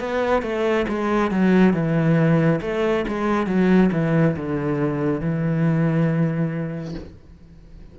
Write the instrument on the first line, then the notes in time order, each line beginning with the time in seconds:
cello
0.00 B3
0.43 A3
0.89 G#3
1.31 F#3
1.74 E3
2.62 A3
3.08 G#3
3.47 F#3
3.92 E3
4.37 D3
5.21 E3